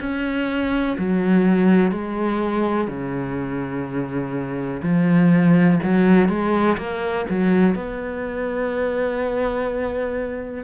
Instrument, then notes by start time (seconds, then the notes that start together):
cello
0.00 C#4
0.99 F#3
1.91 G#3
2.88 C#3
4.83 F3
5.83 F#3
6.29 G#3
6.77 A#3
7.30 F#3
7.75 B3